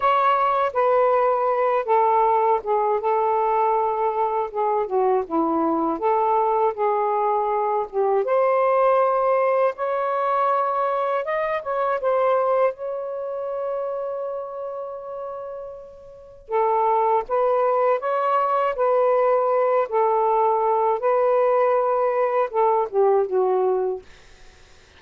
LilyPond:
\new Staff \with { instrumentName = "saxophone" } { \time 4/4 \tempo 4 = 80 cis''4 b'4. a'4 gis'8 | a'2 gis'8 fis'8 e'4 | a'4 gis'4. g'8 c''4~ | c''4 cis''2 dis''8 cis''8 |
c''4 cis''2.~ | cis''2 a'4 b'4 | cis''4 b'4. a'4. | b'2 a'8 g'8 fis'4 | }